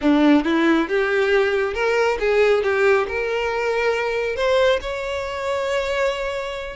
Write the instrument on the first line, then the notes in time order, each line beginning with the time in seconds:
violin
0.01 D4
0.44 E4
0.88 G4
1.74 A#4
2.19 G#4
2.63 G4
3.08 A#4
4.35 C5
4.81 C#5